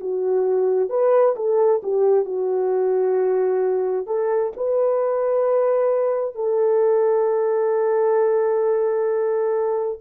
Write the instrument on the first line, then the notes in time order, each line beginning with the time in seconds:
horn
0.00 F#4
0.89 B4
1.36 A4
1.83 G4
2.25 F#4
4.06 A4
4.56 B4
6.35 A4